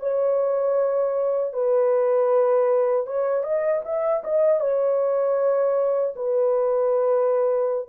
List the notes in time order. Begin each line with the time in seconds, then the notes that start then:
0.00 C#5
1.53 B4
3.07 C#5
3.43 D#5
3.85 E5
4.24 D#5
4.60 C#5
6.16 B4